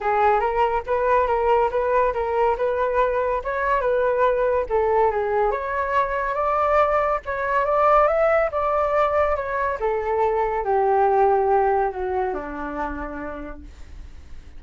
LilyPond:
\new Staff \with { instrumentName = "flute" } { \time 4/4 \tempo 4 = 141 gis'4 ais'4 b'4 ais'4 | b'4 ais'4 b'2 | cis''4 b'2 a'4 | gis'4 cis''2 d''4~ |
d''4 cis''4 d''4 e''4 | d''2 cis''4 a'4~ | a'4 g'2. | fis'4 d'2. | }